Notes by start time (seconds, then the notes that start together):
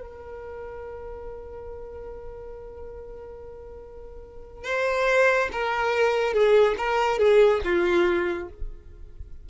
0.00 A#4
4.64 C5
5.52 A#4
6.33 G#4
6.77 A#4
7.18 G#4
7.64 F4